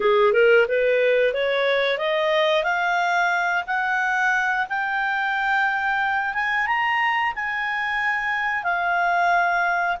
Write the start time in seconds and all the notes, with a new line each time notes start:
0.00 G#4
0.32 A#4
0.68 B4
1.33 C#5
1.98 D#5
2.63 F5
3.67 F#5
4.68 G5
6.34 G#5
6.66 A#5
7.35 G#5
8.63 F5